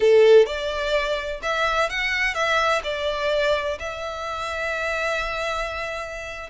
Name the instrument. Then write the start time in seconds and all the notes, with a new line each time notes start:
violin
0.00 A4
0.46 D5
1.42 E5
1.89 F#5
2.34 E5
2.83 D5
3.79 E5